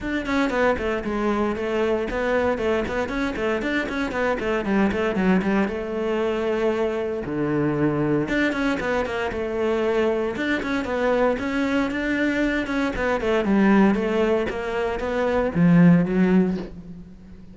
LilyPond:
\new Staff \with { instrumentName = "cello" } { \time 4/4 \tempo 4 = 116 d'8 cis'8 b8 a8 gis4 a4 | b4 a8 b8 cis'8 a8 d'8 cis'8 | b8 a8 g8 a8 fis8 g8 a4~ | a2 d2 |
d'8 cis'8 b8 ais8 a2 | d'8 cis'8 b4 cis'4 d'4~ | d'8 cis'8 b8 a8 g4 a4 | ais4 b4 f4 fis4 | }